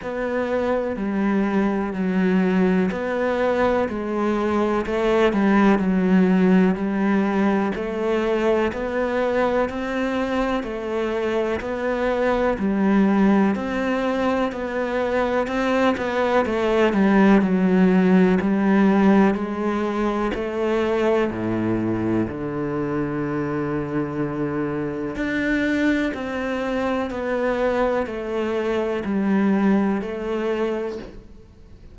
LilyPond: \new Staff \with { instrumentName = "cello" } { \time 4/4 \tempo 4 = 62 b4 g4 fis4 b4 | gis4 a8 g8 fis4 g4 | a4 b4 c'4 a4 | b4 g4 c'4 b4 |
c'8 b8 a8 g8 fis4 g4 | gis4 a4 a,4 d4~ | d2 d'4 c'4 | b4 a4 g4 a4 | }